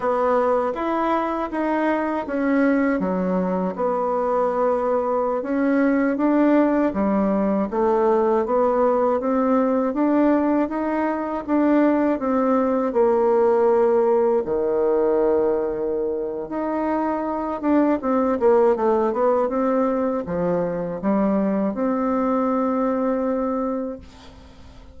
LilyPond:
\new Staff \with { instrumentName = "bassoon" } { \time 4/4 \tempo 4 = 80 b4 e'4 dis'4 cis'4 | fis4 b2~ b16 cis'8.~ | cis'16 d'4 g4 a4 b8.~ | b16 c'4 d'4 dis'4 d'8.~ |
d'16 c'4 ais2 dis8.~ | dis2 dis'4. d'8 | c'8 ais8 a8 b8 c'4 f4 | g4 c'2. | }